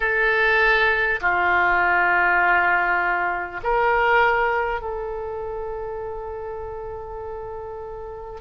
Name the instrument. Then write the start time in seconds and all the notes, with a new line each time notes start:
oboe
0.00 A4
1.20 F4
3.63 A#4
4.81 A4